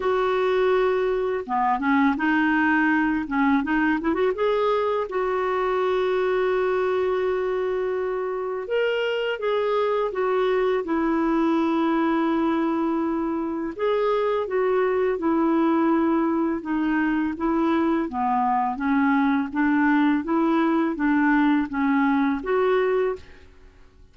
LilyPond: \new Staff \with { instrumentName = "clarinet" } { \time 4/4 \tempo 4 = 83 fis'2 b8 cis'8 dis'4~ | dis'8 cis'8 dis'8 e'16 fis'16 gis'4 fis'4~ | fis'1 | ais'4 gis'4 fis'4 e'4~ |
e'2. gis'4 | fis'4 e'2 dis'4 | e'4 b4 cis'4 d'4 | e'4 d'4 cis'4 fis'4 | }